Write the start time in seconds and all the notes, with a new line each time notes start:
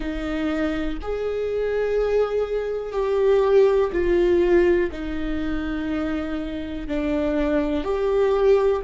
0.00 D#4
1.01 G#4
2.92 G4
3.92 F4
4.91 D#4
6.87 D4
7.83 G4